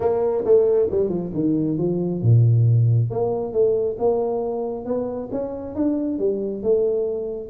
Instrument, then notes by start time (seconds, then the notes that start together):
tuba
0.00 A#3
0.45 A3
0.90 G3
1.09 F3
1.34 D#3
1.78 F3
2.22 A#2
3.10 A#3
3.52 A3
3.98 A#3
4.85 B3
5.31 C#4
5.75 D4
6.18 G3
6.62 A3